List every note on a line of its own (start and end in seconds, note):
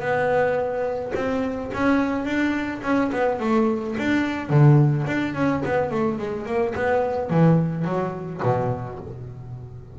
0.00 1.12 B3
1.15 1.71 C4
1.74 2.25 C#4
2.25 2.81 D4
2.83 3.11 C#4
3.12 3.40 B3
3.40 3.96 A3
3.98 4.50 D4
4.50 5.06 D3
5.06 5.34 D4
5.34 5.62 C#4
5.65 5.91 B3
5.91 6.18 A3
6.18 6.46 G#3
6.46 6.74 A#3
6.75 7.30 B3
7.30 7.85 E3
7.85 8.41 F#3
8.43 8.99 B2